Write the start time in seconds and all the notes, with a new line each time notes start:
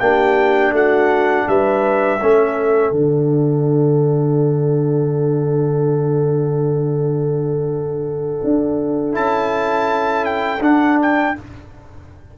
0.00 A#3 D4 G4 G5
0.72 A3 F#4 F#5
1.48 G3 B4 E5
2.21 A3 C#4 A4
2.91 D3 D4 F#5
8.44 D4
9.12 C#4 E4 A5
10.25 G5
10.60 D4 F#5
11.02 G5